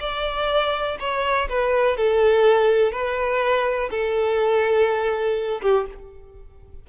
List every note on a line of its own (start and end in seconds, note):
0.00 0.98 D5
0.99 1.48 C#5
1.49 1.96 B4
1.96 2.92 A4
2.92 3.89 B4
3.90 5.61 A4
5.61 5.86 G4